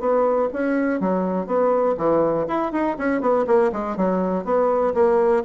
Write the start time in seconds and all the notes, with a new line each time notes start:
0.00 B3
0.53 C#4
1.00 F#3
1.47 B3
1.97 E3
2.48 E4
2.72 D#4
2.98 C#4
3.21 B3
3.47 A#3
3.72 G#3
3.97 F#3
4.45 B3
4.94 A#3